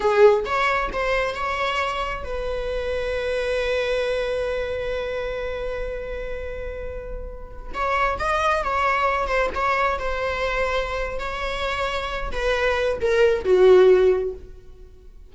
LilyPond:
\new Staff \with { instrumentName = "viola" } { \time 4/4 \tempo 4 = 134 gis'4 cis''4 c''4 cis''4~ | cis''4 b'2.~ | b'1~ | b'1~ |
b'4~ b'16 cis''4 dis''4 cis''8.~ | cis''8. c''8 cis''4 c''4.~ c''16~ | c''4 cis''2~ cis''8 b'8~ | b'4 ais'4 fis'2 | }